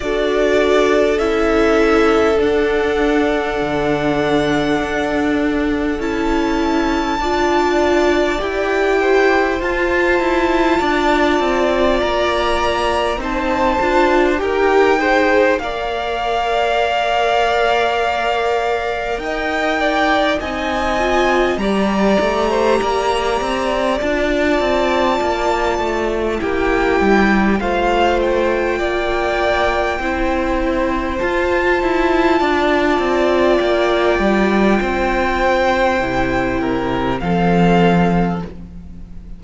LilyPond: <<
  \new Staff \with { instrumentName = "violin" } { \time 4/4 \tempo 4 = 50 d''4 e''4 fis''2~ | fis''4 a''2 g''4 | a''2 ais''4 a''4 | g''4 f''2. |
g''4 gis''4 ais''2 | a''2 g''4 f''8 g''8~ | g''2 a''2 | g''2. f''4 | }
  \new Staff \with { instrumentName = "violin" } { \time 4/4 a'1~ | a'2 d''4. c''8~ | c''4 d''2 c''4 | ais'8 c''8 d''2. |
dis''8 d''8 dis''4 d''8. c''16 d''4~ | d''2 g'4 c''4 | d''4 c''2 d''4~ | d''4 c''4. ais'8 a'4 | }
  \new Staff \with { instrumentName = "viola" } { \time 4/4 fis'4 e'4 d'2~ | d'4 e'4 f'4 g'4 | f'2. dis'8 f'8 | g'8 gis'8 ais'2.~ |
ais'4 dis'8 f'8 g'2 | f'2 e'4 f'4~ | f'4 e'4 f'2~ | f'2 e'4 c'4 | }
  \new Staff \with { instrumentName = "cello" } { \time 4/4 d'4 cis'4 d'4 d4 | d'4 cis'4 d'4 e'4 | f'8 e'8 d'8 c'8 ais4 c'8 d'8 | dis'4 ais2. |
dis'4 c'4 g8 a8 ais8 c'8 | d'8 c'8 ais8 a8 ais8 g8 a4 | ais4 c'4 f'8 e'8 d'8 c'8 | ais8 g8 c'4 c4 f4 | }
>>